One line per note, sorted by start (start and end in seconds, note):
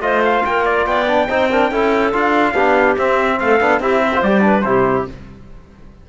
0.00 0.42 A3
0.00 1.06 F4
0.00 0.45 C5
0.00 0.23 D#5
0.25 0.46 F5
0.46 0.86 A#3
0.46 0.88 A#4
0.46 0.66 G5
0.66 0.87 D5
0.86 1.28 B3
0.86 1.29 D5
0.86 2.13 G5
1.08 1.28 D4
1.29 1.71 C4
1.29 1.51 D#4
1.29 1.50 C5
1.51 1.72 D4
1.51 1.71 A#4
1.71 2.13 C#4
1.71 2.13 E4
1.71 2.53 A4
2.13 2.54 D4
2.13 2.55 F4
2.13 2.97 F5
2.53 2.96 B3
2.53 2.98 D4
2.53 3.37 G4
2.98 3.60 C4
2.98 3.40 C4
2.98 3.40 E5
3.40 3.61 A3
3.40 3.82 A4
3.40 3.82 F5
3.60 3.80 B3
3.60 3.81 D4
3.80 4.22 C4
3.80 4.13 E4
3.80 4.01 G4
3.80 4.22 E5
4.01 4.43 C5
4.14 4.25 F4
4.22 4.64 G3
4.22 4.40 G4
4.22 4.62 D5
4.40 4.61 D4
4.40 4.67 B4
4.62 5.08 C3
4.62 5.07 E4
4.62 5.10 G4
4.62 5.04 C5